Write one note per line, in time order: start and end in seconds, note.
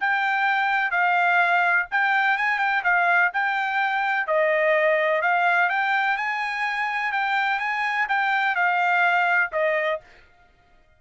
0.00 0.91 G5
0.91 1.86 F5
1.91 2.37 G5
2.37 2.58 G#5
2.58 2.82 G5
2.84 3.31 F5
3.33 4.27 G5
4.27 5.21 D#5
5.21 5.69 F5
5.69 6.17 G5
6.17 7.12 G#5
7.12 7.59 G5
7.59 8.07 G#5
8.08 8.55 G5
8.55 9.50 F5
9.52 10.00 D#5